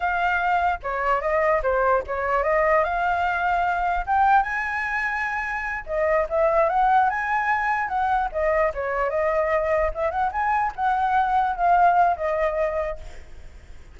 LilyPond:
\new Staff \with { instrumentName = "flute" } { \time 4/4 \tempo 4 = 148 f''2 cis''4 dis''4 | c''4 cis''4 dis''4 f''4~ | f''2 g''4 gis''4~ | gis''2~ gis''8 dis''4 e''8~ |
e''8 fis''4 gis''2 fis''8~ | fis''8 dis''4 cis''4 dis''4.~ | dis''8 e''8 fis''8 gis''4 fis''4.~ | fis''8 f''4. dis''2 | }